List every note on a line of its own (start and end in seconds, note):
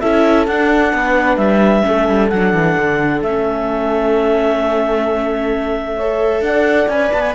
0.00 0.47 C#4
0.00 0.48 E4
0.00 0.93 A4
0.00 0.46 E5
0.47 0.93 D4
0.47 1.83 D4
0.47 1.37 F#5
0.93 1.37 B3
0.93 1.85 B4
1.37 1.83 G3
1.37 2.29 E5
1.83 2.09 A3
1.83 2.29 C#4
1.83 5.96 A4
2.09 2.32 G3
2.29 2.54 F#3
2.29 3.21 F#5
2.35 3.26 D4
2.54 2.77 E3
2.78 3.22 D3
3.22 6.41 A3
3.22 6.00 C#4
3.22 6.44 E5
5.96 6.91 A4
5.96 6.42 C#5
6.41 6.87 D4
6.41 7.35 D5
6.41 6.89 F#5
6.88 7.11 C#4
6.88 7.35 B4
6.88 7.12 G#5
7.12 7.35 B3
7.12 7.21 A5
7.21 7.32 G#5